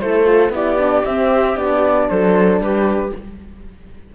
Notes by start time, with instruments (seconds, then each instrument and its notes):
0.00 cello A3, horn E4, viola A4, flute C5
0.25 horn F4
0.50 cello B3, horn E4, viola G4, flute D5
0.79 horn D4
1.05 cello C4, horn C4, flute E5
1.56 cello B3, horn D4, flute D5
2.09 cello F#3, viola A4, flute C5
2.60 cello G3, viola G4, flute B4